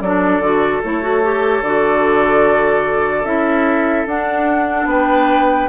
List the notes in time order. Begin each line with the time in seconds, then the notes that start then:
0.00 F#3 D4 A4 D5
0.39 D3 F#4
0.83 A3 E4 C#5
1.02 F#4
1.23 G4
1.61 D3 F#4 D5
3.24 C#4 E4 E5
4.06 D4 F#5
4.85 B3 B4 G5